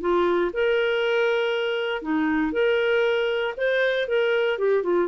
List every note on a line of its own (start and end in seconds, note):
0.00 0.51 F4
0.53 2.02 A#4
2.02 2.52 D#4
2.52 3.54 A#4
3.57 4.08 C5
4.08 4.58 A#4
4.58 4.83 G4
4.83 5.08 F4